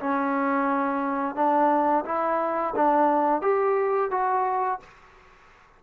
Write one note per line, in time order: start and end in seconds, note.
0.00 1.36 C#4
1.36 2.05 D4
2.06 2.75 E4
2.76 3.42 D4
3.42 4.11 G4
4.11 4.80 F#4